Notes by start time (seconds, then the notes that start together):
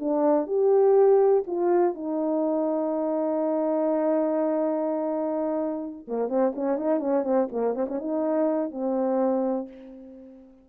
0.00 D4
0.47 G4
1.47 F4
1.95 D#4
6.08 A#3
6.29 C4
6.56 C#4
6.77 D#4
7.00 C#4
7.24 C4
7.52 A#3
7.75 C4
7.89 C#4
7.99 D#4
8.71 C4